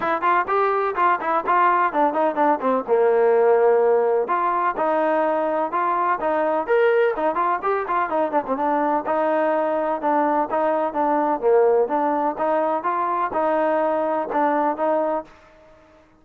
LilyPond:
\new Staff \with { instrumentName = "trombone" } { \time 4/4 \tempo 4 = 126 e'8 f'8 g'4 f'8 e'8 f'4 | d'8 dis'8 d'8 c'8 ais2~ | ais4 f'4 dis'2 | f'4 dis'4 ais'4 dis'8 f'8 |
g'8 f'8 dis'8 d'16 c'16 d'4 dis'4~ | dis'4 d'4 dis'4 d'4 | ais4 d'4 dis'4 f'4 | dis'2 d'4 dis'4 | }